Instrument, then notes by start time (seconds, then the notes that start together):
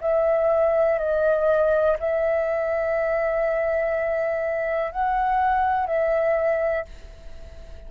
flute
0.00 E5
0.98 D#5
1.99 E5
4.91 F#5
5.86 E5